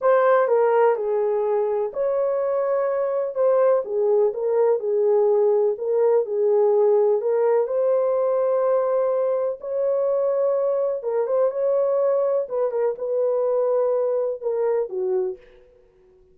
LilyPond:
\new Staff \with { instrumentName = "horn" } { \time 4/4 \tempo 4 = 125 c''4 ais'4 gis'2 | cis''2. c''4 | gis'4 ais'4 gis'2 | ais'4 gis'2 ais'4 |
c''1 | cis''2. ais'8 c''8 | cis''2 b'8 ais'8 b'4~ | b'2 ais'4 fis'4 | }